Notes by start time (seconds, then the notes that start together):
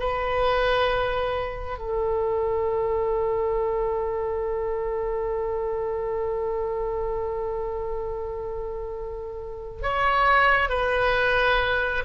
0.00 B4
1.79 A4
9.83 C#5
10.69 B4